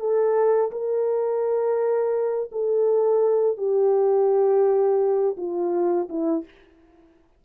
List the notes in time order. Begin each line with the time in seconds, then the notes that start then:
0.00 A4
0.72 A#4
2.52 A4
3.58 G4
5.38 F4
6.09 E4